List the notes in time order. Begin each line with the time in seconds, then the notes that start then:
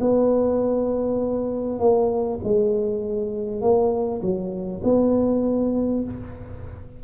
0.00 B3
1.79 A#3
2.43 G#3
3.61 A#3
4.21 F#3
4.83 B3